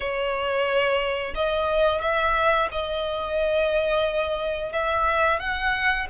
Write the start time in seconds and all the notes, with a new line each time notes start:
0.00 C#5
1.34 D#5
2.01 E5
2.71 D#5
4.72 E5
5.39 F#5